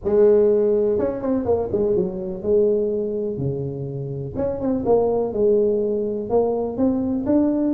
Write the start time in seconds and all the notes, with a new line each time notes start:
0.04 G#3
0.98 C#4
1.21 C4
1.45 A#3
1.72 G#3
1.96 F#3
2.42 G#3
3.37 C#3
4.36 C#4
4.60 C4
4.85 A#3
5.33 G#3
6.29 A#3
6.77 C4
7.25 D4